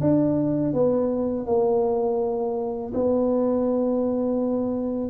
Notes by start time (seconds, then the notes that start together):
0.00 D4
0.73 B3
1.46 A#3
2.94 B3